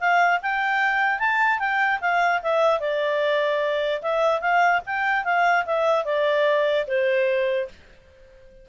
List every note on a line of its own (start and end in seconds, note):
0.00 0.41 F5
0.42 1.19 G5
1.19 1.59 A5
1.59 2.00 G5
2.01 2.42 F5
2.42 2.80 E5
2.80 4.02 D5
4.02 4.41 E5
4.41 4.81 F5
4.86 5.24 G5
5.24 5.65 F5
5.66 6.05 E5
6.05 6.86 D5
6.87 7.68 C5